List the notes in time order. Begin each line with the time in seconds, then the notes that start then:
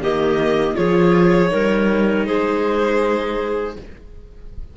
0.00 D#3 A#3 G4 D#5
0.75 F3 F4 G#4 C#5
1.48 G3 D#4 A#4
2.26 G#3 G#4 C5